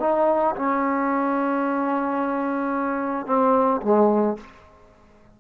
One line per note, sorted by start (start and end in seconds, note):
0.00 0.55 D#4
0.56 3.26 C#4
3.26 3.81 C4
3.82 4.37 G#3